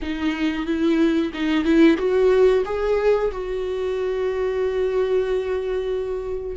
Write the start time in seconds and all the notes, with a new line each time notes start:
0.02 D#4
0.66 E4
1.33 D#4
1.64 E4
1.98 F#4
2.65 G#4
3.31 F#4